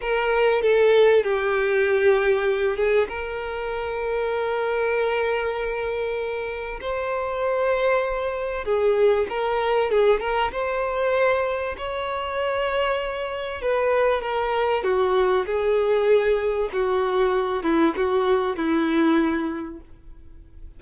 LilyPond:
\new Staff \with { instrumentName = "violin" } { \time 4/4 \tempo 4 = 97 ais'4 a'4 g'2~ | g'8 gis'8 ais'2.~ | ais'2. c''4~ | c''2 gis'4 ais'4 |
gis'8 ais'8 c''2 cis''4~ | cis''2 b'4 ais'4 | fis'4 gis'2 fis'4~ | fis'8 e'8 fis'4 e'2 | }